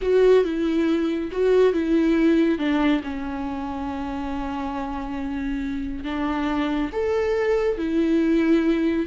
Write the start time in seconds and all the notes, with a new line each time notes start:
0.01 F#4
0.44 E4
1.31 F#4
1.73 E4
2.58 D4
3.03 C#4
6.04 D4
6.92 A4
7.77 E4